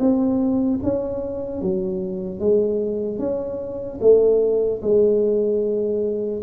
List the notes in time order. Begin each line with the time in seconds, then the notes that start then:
0.00 C4
0.84 C#4
1.62 F#3
2.40 G#3
3.19 C#4
4.01 A3
4.83 G#3